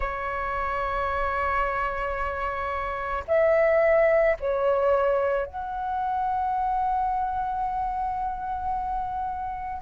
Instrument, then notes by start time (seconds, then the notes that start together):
flute
0.00 C#5
3.27 E5
4.39 C#5
5.45 F#5